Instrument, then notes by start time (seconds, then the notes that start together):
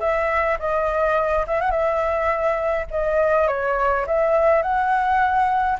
flute
0.00 E5
0.59 D#5
1.47 E5
1.61 F#5
1.71 E5
2.91 D#5
3.48 C#5
4.07 E5
4.63 F#5